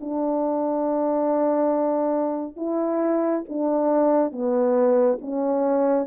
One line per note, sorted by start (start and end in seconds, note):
0.00 2.57 D4
2.57 3.43 E4
3.49 4.32 D4
4.32 5.19 B3
5.21 6.06 C#4